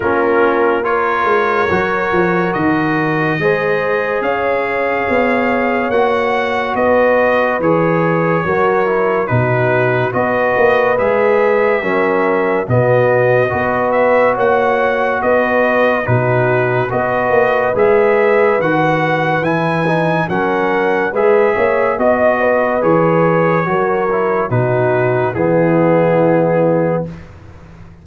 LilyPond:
<<
  \new Staff \with { instrumentName = "trumpet" } { \time 4/4 \tempo 4 = 71 ais'4 cis''2 dis''4~ | dis''4 f''2 fis''4 | dis''4 cis''2 b'4 | dis''4 e''2 dis''4~ |
dis''8 e''8 fis''4 dis''4 b'4 | dis''4 e''4 fis''4 gis''4 | fis''4 e''4 dis''4 cis''4~ | cis''4 b'4 gis'2 | }
  \new Staff \with { instrumentName = "horn" } { \time 4/4 f'4 ais'2. | c''4 cis''2. | b'2 ais'4 fis'4 | b'2 ais'4 fis'4 |
b'4 cis''4 b'4 fis'4 | b'1 | ais'4 b'8 cis''8 dis''8 b'4. | ais'4 fis'4 e'2 | }
  \new Staff \with { instrumentName = "trombone" } { \time 4/4 cis'4 f'4 fis'2 | gis'2. fis'4~ | fis'4 gis'4 fis'8 e'8 dis'4 | fis'4 gis'4 cis'4 b4 |
fis'2. dis'4 | fis'4 gis'4 fis'4 e'8 dis'8 | cis'4 gis'4 fis'4 gis'4 | fis'8 e'8 dis'4 b2 | }
  \new Staff \with { instrumentName = "tuba" } { \time 4/4 ais4. gis8 fis8 f8 dis4 | gis4 cis'4 b4 ais4 | b4 e4 fis4 b,4 | b8 ais8 gis4 fis4 b,4 |
b4 ais4 b4 b,4 | b8 ais8 gis4 dis4 e4 | fis4 gis8 ais8 b4 e4 | fis4 b,4 e2 | }
>>